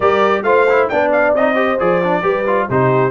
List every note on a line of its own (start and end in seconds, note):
0.00 0.42 G3
0.00 0.44 G4
0.00 0.44 A#4
0.00 0.43 D5
0.42 0.87 A3
0.42 0.67 F4
0.42 0.89 C5
0.42 0.88 F5
0.69 0.91 E4
0.88 1.34 B3
0.88 1.36 D4
0.88 1.54 D5
0.88 1.10 G5
1.11 1.34 F5
1.34 1.79 C4
1.34 1.55 D#4
1.34 1.79 D#5
1.54 1.77 G4
1.54 2.21 C5
1.79 2.22 F3
1.79 2.02 G#4
1.79 2.69 D5
2.03 2.22 D4
2.22 2.67 G3
2.22 2.44 G4
2.22 2.68 B4
2.46 2.69 F4
2.69 3.11 C3
2.69 3.11 D#4
2.69 3.11 G4
2.69 3.11 C5